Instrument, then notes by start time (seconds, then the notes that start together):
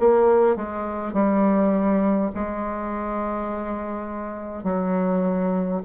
bassoon
0.00 A#3
0.56 G#3
1.13 G3
2.35 G#3
4.64 F#3